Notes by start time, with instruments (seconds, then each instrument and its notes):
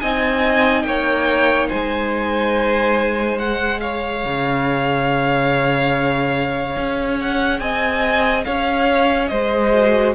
0.00 cello C4, viola D#4, violin D#5 G#5
0.83 cello A#3, violin C#5 G5
1.69 cello G#3, violin C5 G#5
3.39 viola G#4, violin F#5
3.80 violin C#5 F5
4.25 cello C#3
6.77 cello C#4
7.21 violin F#5
7.60 cello C4, violin D#5 G#5
8.45 cello C#4, violin C#5 F5
9.28 cello G#3, violin C5 D#5
9.74 viola F#4